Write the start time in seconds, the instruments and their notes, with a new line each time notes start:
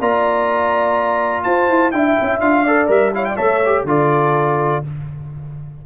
0.00 tuba A#3, trombone F4, horn D5, trumpet A#5
1.43 tuba F4, horn C5, trumpet A5
1.69 tuba E4
1.91 tuba D4, trombone E4, horn E5, trumpet G5
2.21 tuba C#4
2.40 tuba D4, trombone F4, trumpet F5
2.64 trombone A4, horn D5
2.87 tuba G3, trombone A#4, trumpet E5
3.14 trombone E4, horn C#5, trumpet F5
3.25 horn D5, trumpet G5
3.36 tuba A3, trombone A4, horn C#5, trumpet E5
3.66 trombone G4
3.84 tuba D3, trombone F4, horn A4, trumpet D5